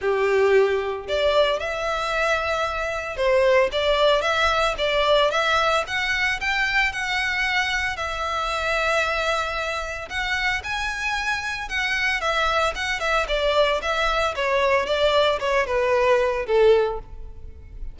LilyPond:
\new Staff \with { instrumentName = "violin" } { \time 4/4 \tempo 4 = 113 g'2 d''4 e''4~ | e''2 c''4 d''4 | e''4 d''4 e''4 fis''4 | g''4 fis''2 e''4~ |
e''2. fis''4 | gis''2 fis''4 e''4 | fis''8 e''8 d''4 e''4 cis''4 | d''4 cis''8 b'4. a'4 | }